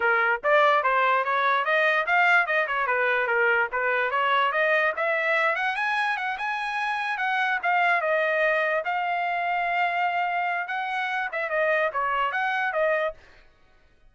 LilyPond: \new Staff \with { instrumentName = "trumpet" } { \time 4/4 \tempo 4 = 146 ais'4 d''4 c''4 cis''4 | dis''4 f''4 dis''8 cis''8 b'4 | ais'4 b'4 cis''4 dis''4 | e''4. fis''8 gis''4 fis''8 gis''8~ |
gis''4. fis''4 f''4 dis''8~ | dis''4. f''2~ f''8~ | f''2 fis''4. e''8 | dis''4 cis''4 fis''4 dis''4 | }